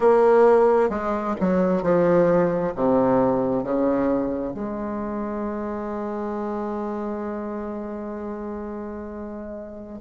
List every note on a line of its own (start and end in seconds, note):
0.00 0.89 A#3
0.89 1.35 G#3
1.40 1.82 F#3
1.82 2.73 F3
2.75 3.63 C3
3.63 4.53 C#3
4.53 9.99 G#3